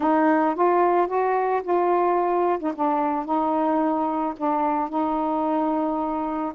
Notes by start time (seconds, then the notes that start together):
0.00 D#4
0.55 F4
1.07 F#4
1.63 F4
2.59 D#4
2.75 D4
3.25 D#4
4.36 D4
4.89 D#4